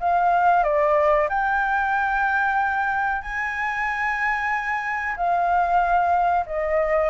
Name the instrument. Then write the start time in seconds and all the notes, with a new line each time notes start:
flute
0.00 F5
0.63 D5
1.29 G5
3.22 G#5
5.16 F5
6.46 D#5